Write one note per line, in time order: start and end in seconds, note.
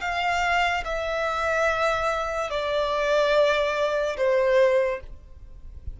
0.00 0.83 F5
0.84 2.50 E5
2.50 4.16 D5
4.16 5.00 C5